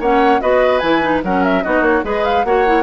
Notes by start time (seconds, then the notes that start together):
0.00 A#3 C#4 C#5 F#5
0.41 B3 F#4 B4 D#5
0.79 E3 E4 G#5
1.02 D#4
1.24 F#3 C#4 A#4 F#5
1.44 E5
1.63 B3 D#4 F#4 D#5
1.81 A#3 C#5
2.04 G#3 G#4 B4 D#5
2.25 F5
2.44 A#3 F#4 C#5 F#5
2.66 E4